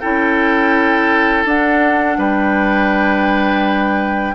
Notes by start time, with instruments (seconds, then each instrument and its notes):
0.00 bassoon C#4, clarinet E4, oboe A4, flute G5
1.46 bassoon D4, clarinet D4, flute F#5
2.18 bassoon G3, oboe B4, flute G5